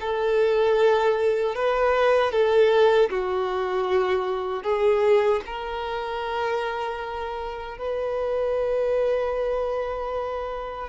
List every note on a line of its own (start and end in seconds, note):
0.00 1.55 A4
1.55 2.31 B4
2.31 3.09 A4
3.10 4.63 F#4
4.63 5.41 G#4
5.45 7.78 A#4
7.78 10.88 B4